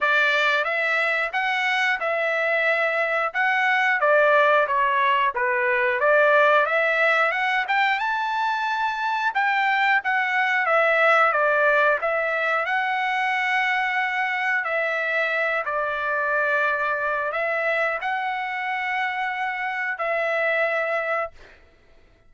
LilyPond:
\new Staff \with { instrumentName = "trumpet" } { \time 4/4 \tempo 4 = 90 d''4 e''4 fis''4 e''4~ | e''4 fis''4 d''4 cis''4 | b'4 d''4 e''4 fis''8 g''8 | a''2 g''4 fis''4 |
e''4 d''4 e''4 fis''4~ | fis''2 e''4. d''8~ | d''2 e''4 fis''4~ | fis''2 e''2 | }